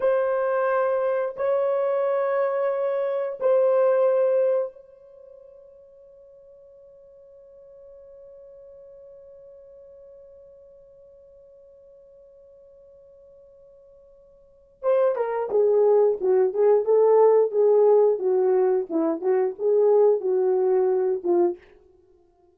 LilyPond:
\new Staff \with { instrumentName = "horn" } { \time 4/4 \tempo 4 = 89 c''2 cis''2~ | cis''4 c''2 cis''4~ | cis''1~ | cis''1~ |
cis''1~ | cis''2 c''8 ais'8 gis'4 | fis'8 gis'8 a'4 gis'4 fis'4 | e'8 fis'8 gis'4 fis'4. f'8 | }